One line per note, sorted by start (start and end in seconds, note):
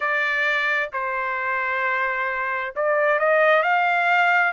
0.00 0.90 D5
0.92 2.74 C5
2.75 3.19 D5
3.19 3.62 D#5
3.62 4.52 F5